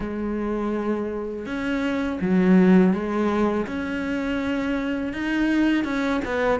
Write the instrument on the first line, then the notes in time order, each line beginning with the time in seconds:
cello
0.00 G#3
1.45 C#4
2.21 F#3
2.93 G#3
3.67 C#4
5.13 D#4
5.84 C#4
6.24 B3